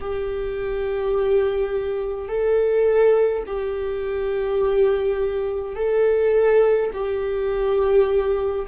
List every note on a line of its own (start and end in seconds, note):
0.00 2.28 G4
2.28 3.44 A4
3.46 5.75 G4
5.75 6.91 A4
6.93 8.66 G4